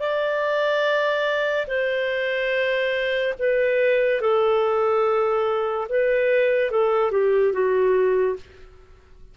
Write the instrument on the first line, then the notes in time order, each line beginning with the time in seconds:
clarinet
0.00 D5
1.68 C5
3.39 B4
4.21 A4
5.89 B4
6.71 A4
7.11 G4
7.53 F#4